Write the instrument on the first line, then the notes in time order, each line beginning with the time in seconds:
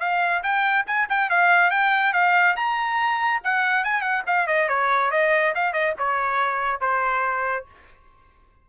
trumpet
0.00 F5
0.43 G5
0.87 G#5
1.09 G5
1.30 F5
1.71 G5
2.13 F5
2.56 A#5
3.44 F#5
3.84 G#5
4.02 F#5
4.27 F5
4.47 D#5
4.68 C#5
5.11 D#5
5.55 F5
5.73 D#5
5.98 C#5
6.80 C5